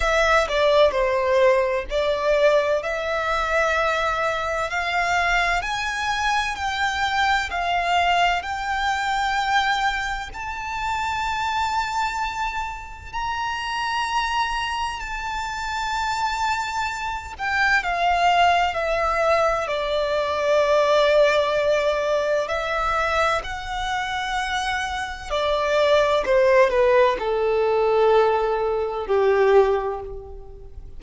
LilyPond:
\new Staff \with { instrumentName = "violin" } { \time 4/4 \tempo 4 = 64 e''8 d''8 c''4 d''4 e''4~ | e''4 f''4 gis''4 g''4 | f''4 g''2 a''4~ | a''2 ais''2 |
a''2~ a''8 g''8 f''4 | e''4 d''2. | e''4 fis''2 d''4 | c''8 b'8 a'2 g'4 | }